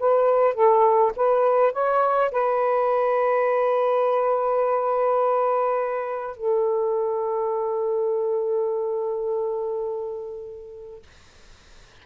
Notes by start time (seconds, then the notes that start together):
0.00 B4
0.54 A4
1.16 B4
1.73 C#5
2.31 B4
6.37 A4